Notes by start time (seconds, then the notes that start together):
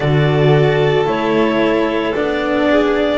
0.00 D3 F#4 A4 D5
1.05 A3 E4 C#5
2.15 B3 D4 D5
2.70 G#4